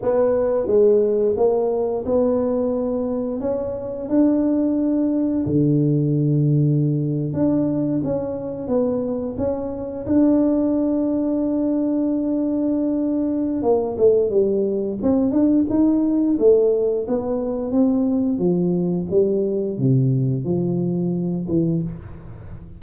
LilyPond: \new Staff \with { instrumentName = "tuba" } { \time 4/4 \tempo 4 = 88 b4 gis4 ais4 b4~ | b4 cis'4 d'2 | d2~ d8. d'4 cis'16~ | cis'8. b4 cis'4 d'4~ d'16~ |
d'1 | ais8 a8 g4 c'8 d'8 dis'4 | a4 b4 c'4 f4 | g4 c4 f4. e8 | }